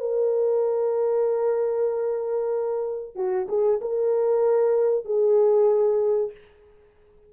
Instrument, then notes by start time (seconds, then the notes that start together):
horn
0.00 A#4
3.15 F#4
3.49 G#4
3.81 A#4
5.05 G#4